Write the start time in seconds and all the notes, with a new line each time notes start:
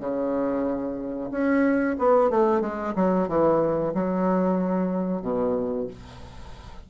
0.00 C#3
1.31 C#4
1.99 B3
2.30 A3
2.61 G#3
2.96 F#3
3.28 E3
3.94 F#3
5.22 B2